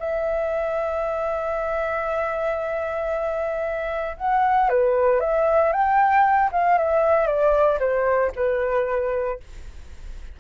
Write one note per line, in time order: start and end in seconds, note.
0.00 4.17 E5
4.18 4.70 F#5
4.70 5.21 B4
5.21 5.73 E5
5.73 6.51 G5
6.53 6.78 F5
6.78 7.27 E5
7.27 7.79 D5
7.80 8.32 C5
8.36 9.41 B4